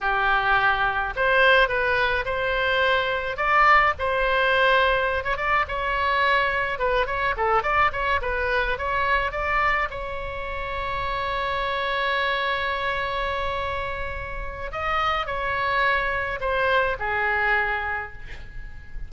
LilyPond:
\new Staff \with { instrumentName = "oboe" } { \time 4/4 \tempo 4 = 106 g'2 c''4 b'4 | c''2 d''4 c''4~ | c''4~ c''16 cis''16 d''8 cis''2 | b'8 cis''8 a'8 d''8 cis''8 b'4 cis''8~ |
cis''8 d''4 cis''2~ cis''8~ | cis''1~ | cis''2 dis''4 cis''4~ | cis''4 c''4 gis'2 | }